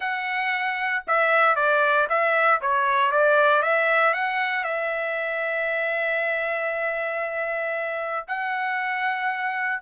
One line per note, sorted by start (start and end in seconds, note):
0.00 1.03 F#5
1.07 1.55 E5
1.55 2.07 D5
2.09 2.61 E5
2.61 3.11 C#5
3.11 3.62 D5
3.62 4.13 E5
4.13 4.64 F#5
4.64 8.26 E5
8.27 9.81 F#5